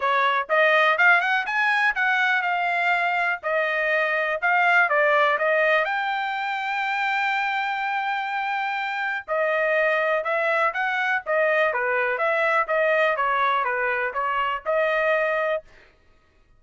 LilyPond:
\new Staff \with { instrumentName = "trumpet" } { \time 4/4 \tempo 4 = 123 cis''4 dis''4 f''8 fis''8 gis''4 | fis''4 f''2 dis''4~ | dis''4 f''4 d''4 dis''4 | g''1~ |
g''2. dis''4~ | dis''4 e''4 fis''4 dis''4 | b'4 e''4 dis''4 cis''4 | b'4 cis''4 dis''2 | }